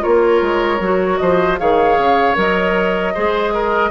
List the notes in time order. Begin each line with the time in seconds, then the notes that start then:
0.00 A#3 F4 A#4 C#5
0.42 G#3
0.80 F#3 F#4
1.18 F3 C5 D#5
1.59 D#3 G#4 C#5 F5
1.98 C#3
2.35 F#3 A#4 D#5
3.14 G#3 G#4 C5
3.54 A#4